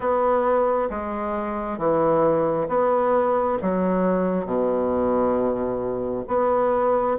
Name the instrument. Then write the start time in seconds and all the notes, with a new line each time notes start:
bassoon
0.00 B3
0.90 G#3
1.77 E3
2.68 B3
3.62 F#3
4.45 B2
6.27 B3